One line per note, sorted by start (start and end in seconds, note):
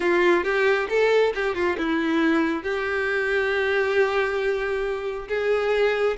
0.00 0.44 F4
0.44 0.88 G4
0.89 1.33 A4
1.34 1.54 G4
1.54 1.76 F4
1.77 2.63 E4
2.63 5.27 G4
5.28 6.16 G#4